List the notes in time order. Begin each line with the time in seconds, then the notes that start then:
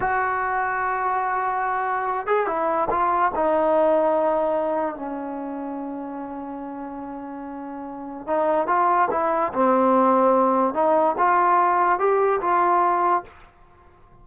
0.00 F#4
2.27 G#4
2.47 E4
2.90 F4
3.35 D#4
4.95 C#4
8.26 D#4
8.67 F4
9.11 E4
9.53 C4
10.74 D#4
11.17 F4
11.99 G4
12.41 F4